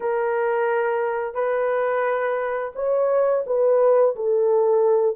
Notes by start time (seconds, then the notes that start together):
0.00 A#4
1.34 B4
2.75 C#5
3.46 B4
4.15 A4